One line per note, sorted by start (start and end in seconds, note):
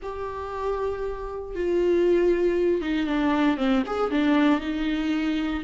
0.02 1.55 G4
1.55 2.81 F4
2.81 3.06 D#4
3.06 3.57 D4
3.57 3.82 C4
3.86 4.10 G#4
4.10 4.60 D4
4.60 5.62 D#4